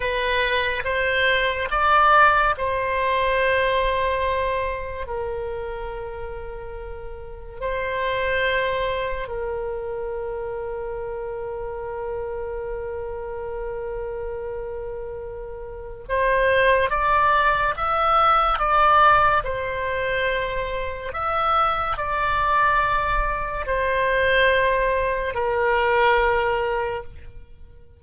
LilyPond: \new Staff \with { instrumentName = "oboe" } { \time 4/4 \tempo 4 = 71 b'4 c''4 d''4 c''4~ | c''2 ais'2~ | ais'4 c''2 ais'4~ | ais'1~ |
ais'2. c''4 | d''4 e''4 d''4 c''4~ | c''4 e''4 d''2 | c''2 ais'2 | }